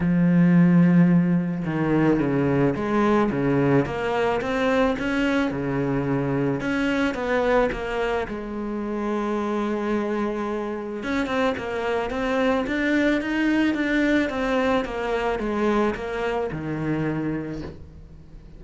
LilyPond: \new Staff \with { instrumentName = "cello" } { \time 4/4 \tempo 4 = 109 f2. dis4 | cis4 gis4 cis4 ais4 | c'4 cis'4 cis2 | cis'4 b4 ais4 gis4~ |
gis1 | cis'8 c'8 ais4 c'4 d'4 | dis'4 d'4 c'4 ais4 | gis4 ais4 dis2 | }